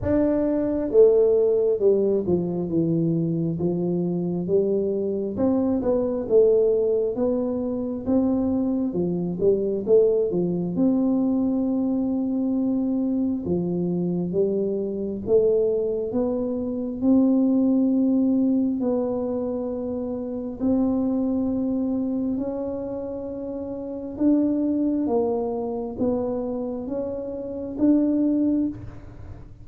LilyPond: \new Staff \with { instrumentName = "tuba" } { \time 4/4 \tempo 4 = 67 d'4 a4 g8 f8 e4 | f4 g4 c'8 b8 a4 | b4 c'4 f8 g8 a8 f8 | c'2. f4 |
g4 a4 b4 c'4~ | c'4 b2 c'4~ | c'4 cis'2 d'4 | ais4 b4 cis'4 d'4 | }